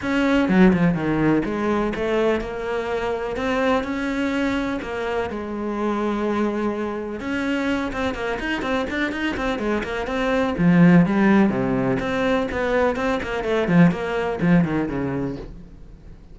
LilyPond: \new Staff \with { instrumentName = "cello" } { \time 4/4 \tempo 4 = 125 cis'4 fis8 f8 dis4 gis4 | a4 ais2 c'4 | cis'2 ais4 gis4~ | gis2. cis'4~ |
cis'8 c'8 ais8 dis'8 c'8 d'8 dis'8 c'8 | gis8 ais8 c'4 f4 g4 | c4 c'4 b4 c'8 ais8 | a8 f8 ais4 f8 dis8 cis4 | }